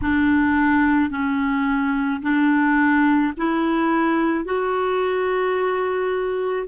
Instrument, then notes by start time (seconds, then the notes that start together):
clarinet
0.02 D4
1.10 C#4
2.22 D4
3.37 E4
4.44 F#4